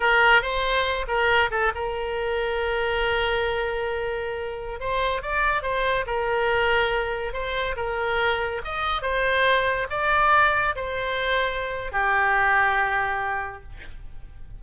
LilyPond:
\new Staff \with { instrumentName = "oboe" } { \time 4/4 \tempo 4 = 141 ais'4 c''4. ais'4 a'8 | ais'1~ | ais'2.~ ais'16 c''8.~ | c''16 d''4 c''4 ais'4.~ ais'16~ |
ais'4~ ais'16 c''4 ais'4.~ ais'16~ | ais'16 dis''4 c''2 d''8.~ | d''4~ d''16 c''2~ c''8. | g'1 | }